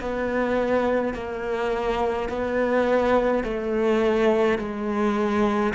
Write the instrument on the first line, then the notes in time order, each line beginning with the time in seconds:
cello
0.00 B3
1.13 A#3
2.29 B3
3.44 A3
4.58 G#3